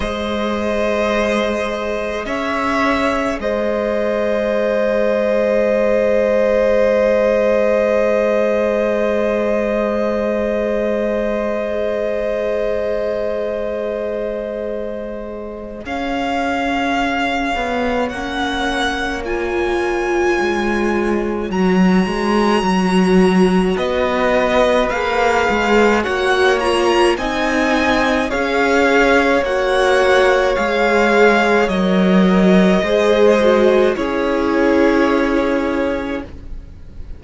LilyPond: <<
  \new Staff \with { instrumentName = "violin" } { \time 4/4 \tempo 4 = 53 dis''2 e''4 dis''4~ | dis''1~ | dis''1~ | dis''2 f''2 |
fis''4 gis''2 ais''4~ | ais''4 dis''4 f''4 fis''8 ais''8 | gis''4 f''4 fis''4 f''4 | dis''2 cis''2 | }
  \new Staff \with { instrumentName = "violin" } { \time 4/4 c''2 cis''4 c''4~ | c''1~ | c''1~ | c''2 cis''2~ |
cis''1~ | cis''4 b'2 cis''4 | dis''4 cis''2.~ | cis''4 c''4 gis'2 | }
  \new Staff \with { instrumentName = "viola" } { \time 4/4 gis'1~ | gis'1~ | gis'1~ | gis'1 |
cis'4 f'2 fis'4~ | fis'2 gis'4 fis'8 f'8 | dis'4 gis'4 fis'4 gis'4 | ais'4 gis'8 fis'8 e'2 | }
  \new Staff \with { instrumentName = "cello" } { \time 4/4 gis2 cis'4 gis4~ | gis1~ | gis1~ | gis2 cis'4. b8 |
ais2 gis4 fis8 gis8 | fis4 b4 ais8 gis8 ais4 | c'4 cis'4 ais4 gis4 | fis4 gis4 cis'2 | }
>>